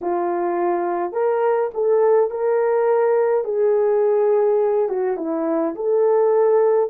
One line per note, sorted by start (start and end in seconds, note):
0.01 1.12 F4
1.12 1.70 A#4
1.74 2.30 A4
2.30 3.44 A#4
3.44 4.88 G#4
4.89 5.17 F#4
5.17 5.74 E4
5.75 6.90 A4